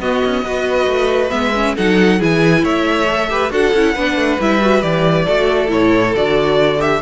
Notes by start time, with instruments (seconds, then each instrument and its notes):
0.00 cello B3, viola B3, violin F#4 D#5
0.25 cello C#4
0.43 cello B3, viola F#4, violin B4
0.87 cello A3
1.30 cello G#3, viola B3, violin E5
1.55 viola C#4
1.75 cello F#3, viola D#4, violin A4 F#5
2.19 cello E3, viola E4, violin G#4 G#5
2.63 cello A3, violin C#5 E5
3.09 viola A4
3.30 viola G4, violin B4
3.50 cello D4, viola F#4, violin A4 F#5
3.73 cello C#4, viola E4
3.95 cello B3, viola D4, violin B4
4.16 cello A3
4.40 cello G3, viola E4, violin E5
4.61 viola F#4
4.82 cello E3, viola G4, violin D5
5.25 cello A3, viola F#4, violin A4
5.68 cello A2, viola E4, violin C#5
6.15 cello D3, viola F#4, violin D5
6.78 viola G4, violin E5